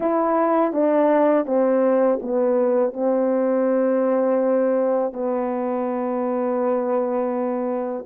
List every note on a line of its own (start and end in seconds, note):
0.00 0.73 E4
0.73 1.46 D4
1.46 2.19 C4
2.22 2.93 B3
2.93 5.12 C4
5.12 8.05 B3